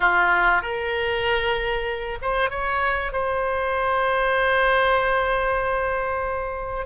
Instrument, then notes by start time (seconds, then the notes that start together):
oboe
0.00 F4
0.62 A#4
2.21 C5
2.50 C#5
3.12 C5